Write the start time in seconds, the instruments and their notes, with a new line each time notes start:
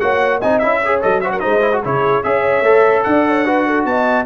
0.00 tuba A#3, trombone F#4, horn C#5, trumpet F#5
0.40 tuba C4, trombone D#4, horn D#5, trumpet G#5
0.59 tuba C#4, trombone E4, trumpet E5
0.81 trombone G#4, horn C#5
1.02 tuba F#3, trombone A4, trumpet D#5
1.21 trombone F#4, horn C5, trumpet E5
1.32 horn A#4, trumpet F#5
1.40 tuba G#3, trombone D#4, horn C5, trumpet D#5
1.62 trombone E4
1.73 trombone F#4
1.85 tuba C#3, trombone E4, horn G#4, trumpet C#5
2.24 tuba C#4, trombone G#4, horn C#5, trumpet E5
2.62 tuba A3, trombone A4
3.04 tuba D4, horn D5, trumpet F#5
3.28 horn C#5
3.46 trombone F#4, horn B4
3.66 horn A4
3.86 tuba B3, horn D#5, trumpet A5